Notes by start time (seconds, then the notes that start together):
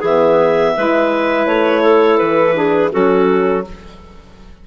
0.00 E3 B3 G#4 E5
0.76 G#3 E4 B4
1.46 A3 C#5
1.83 A4
2.18 E3 B4
2.54 D4 G#4
2.91 F#3 C#4 F#4 A4